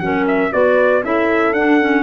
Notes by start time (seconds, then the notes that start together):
0.00 F#3 C#4 A#4 F#5
0.28 E5
0.52 B3 F#4 B4 D5
1.04 C#4 E4 A4 E5
1.53 D4 F#5
1.81 C#4